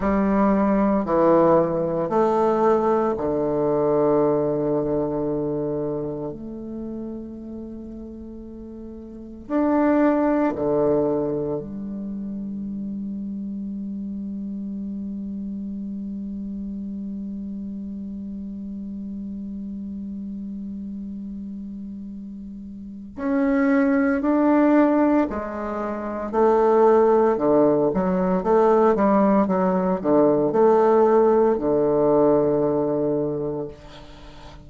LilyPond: \new Staff \with { instrumentName = "bassoon" } { \time 4/4 \tempo 4 = 57 g4 e4 a4 d4~ | d2 a2~ | a4 d'4 d4 g4~ | g1~ |
g1~ | g2 cis'4 d'4 | gis4 a4 d8 fis8 a8 g8 | fis8 d8 a4 d2 | }